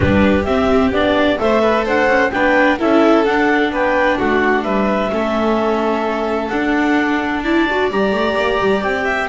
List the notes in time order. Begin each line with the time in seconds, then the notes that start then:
0.00 G3 D4 G4 B4
0.44 C4 E5
0.91 B3 D4 D5
1.38 A3 A4 C5 E5
1.61 B4
1.84 D4 C5 F#5
2.07 C#4
2.31 B3 D4 B4 G5
2.78 C#4 E4 A4 E5
3.25 D4 F#5
3.70 B3 B4 G5
4.18 A3 F#4 F#5
4.62 G3 B4 E5
5.10 A3 C#4 A4
6.48 D4 F#5
7.43 E4 D5 A5
7.70 F#4
7.90 G3 G4 A#5
8.12 A3
8.36 A#3
8.59 G3
8.82 C4 G5
9.04 E5